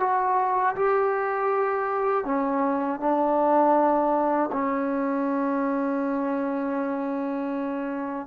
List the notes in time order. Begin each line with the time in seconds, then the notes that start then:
0.00 F#4
0.75 G4
2.25 C#4
3.00 D4
4.52 C#4